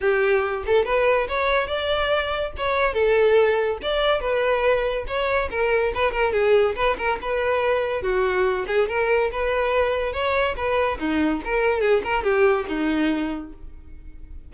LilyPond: \new Staff \with { instrumentName = "violin" } { \time 4/4 \tempo 4 = 142 g'4. a'8 b'4 cis''4 | d''2 cis''4 a'4~ | a'4 d''4 b'2 | cis''4 ais'4 b'8 ais'8 gis'4 |
b'8 ais'8 b'2 fis'4~ | fis'8 gis'8 ais'4 b'2 | cis''4 b'4 dis'4 ais'4 | gis'8 ais'8 g'4 dis'2 | }